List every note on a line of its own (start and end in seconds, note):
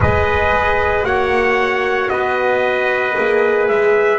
0.00 1.03 G#3
0.00 1.03 G#4
0.00 1.05 B4
0.00 1.04 D#5
1.03 2.08 A#3
1.03 3.13 F#4
1.03 2.11 C#5
1.03 2.09 F#5
2.09 3.15 B3
2.09 4.19 B4
2.09 3.67 D#5
3.15 3.69 A#3
3.15 4.19 G#4
3.68 4.19 G#3
3.68 4.19 E5